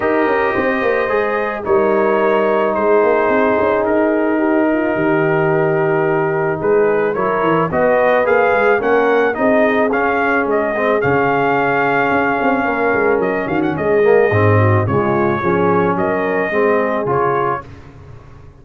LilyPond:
<<
  \new Staff \with { instrumentName = "trumpet" } { \time 4/4 \tempo 4 = 109 dis''2. cis''4~ | cis''4 c''2 ais'4~ | ais'1 | b'4 cis''4 dis''4 f''4 |
fis''4 dis''4 f''4 dis''4 | f''1 | dis''8 f''16 fis''16 dis''2 cis''4~ | cis''4 dis''2 cis''4 | }
  \new Staff \with { instrumentName = "horn" } { \time 4/4 ais'4 c''2 ais'4~ | ais'4 gis'2. | g'8 f'8 g'2. | gis'4 ais'4 b'2 |
ais'4 gis'2.~ | gis'2. ais'4~ | ais'8 fis'8 gis'4. fis'8 f'4 | gis'4 ais'4 gis'2 | }
  \new Staff \with { instrumentName = "trombone" } { \time 4/4 g'2 gis'4 dis'4~ | dis'1~ | dis'1~ | dis'4 e'4 fis'4 gis'4 |
cis'4 dis'4 cis'4. c'8 | cis'1~ | cis'4. ais8 c'4 gis4 | cis'2 c'4 f'4 | }
  \new Staff \with { instrumentName = "tuba" } { \time 4/4 dis'8 cis'8 c'8 ais8 gis4 g4~ | g4 gis8 ais8 c'8 cis'8 dis'4~ | dis'4 dis2. | gis4 fis8 e8 b4 ais8 gis8 |
ais4 c'4 cis'4 gis4 | cis2 cis'8 c'8 ais8 gis8 | fis8 dis8 gis4 gis,4 cis4 | f4 fis4 gis4 cis4 | }
>>